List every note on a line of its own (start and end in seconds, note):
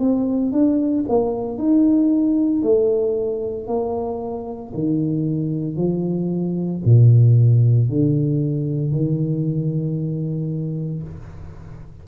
0.00 0.53 C4
0.53 1.05 D4
1.09 1.58 A#3
1.58 2.63 D#4
2.63 3.68 A3
3.68 4.73 A#3
4.74 5.77 D#3
5.77 6.82 F3
6.85 7.89 A#2
7.89 8.92 D3
8.92 11.03 D#3